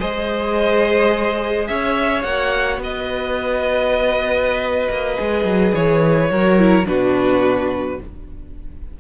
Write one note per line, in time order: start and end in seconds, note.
0.00 1.69 G#3
0.00 2.24 G#4
0.00 1.68 C5
0.00 1.67 D#5
1.67 2.24 C#4
1.67 2.83 C#5
1.67 2.23 E5
2.23 2.78 A#3
2.23 5.17 F#4
2.23 2.79 F#5
2.78 4.88 B3
2.78 6.32 B4
2.78 5.75 D#5
4.90 5.18 A#3
5.17 5.45 G#3
5.17 6.29 G#4
5.45 5.73 F#3
5.74 6.30 E3
5.74 6.87 C#5
6.30 6.86 F#3
6.30 6.59 F#4
6.30 6.88 A#4
6.59 6.86 E4
6.86 8.00 B2
6.86 7.98 D4
6.86 8.00 F#4
6.86 8.00 B4